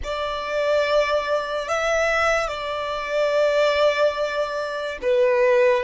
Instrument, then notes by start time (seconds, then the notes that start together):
violin
0.03 D5
1.68 E5
2.48 D5
5.02 B4